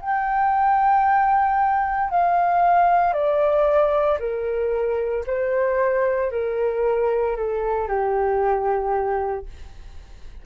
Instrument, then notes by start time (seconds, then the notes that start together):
flute
0.00 G5
2.10 F5
3.13 D5
4.19 A#4
5.26 C5
6.31 A#4
7.36 A4
7.88 G4